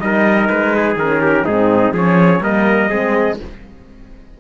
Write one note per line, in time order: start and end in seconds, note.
0.00 0.49 G3
0.00 0.98 D#4
0.00 0.76 A#4
0.00 0.48 D#5
0.49 0.96 G#3
0.49 0.97 B4
0.76 1.22 G#4
0.96 1.44 D#3
0.96 1.48 C#4
0.96 1.46 A#4
1.22 1.45 G4
1.45 1.92 G#2
1.45 1.96 C4
1.45 1.93 D#4
1.45 1.94 G#4
1.92 2.40 F3
1.92 2.42 C#4
1.92 2.41 G#4
1.92 2.44 C#5
2.41 2.89 G3
2.41 2.90 A#3
2.41 2.90 A#4
2.41 3.40 D#5
2.90 3.40 G#3
2.90 3.38 C4
2.90 3.38 G#4